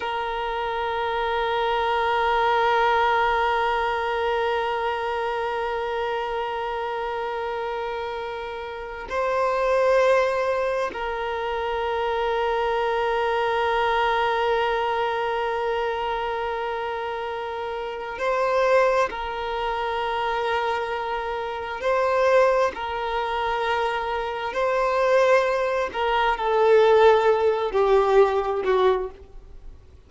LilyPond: \new Staff \with { instrumentName = "violin" } { \time 4/4 \tempo 4 = 66 ais'1~ | ais'1~ | ais'2 c''2 | ais'1~ |
ais'1 | c''4 ais'2. | c''4 ais'2 c''4~ | c''8 ais'8 a'4. g'4 fis'8 | }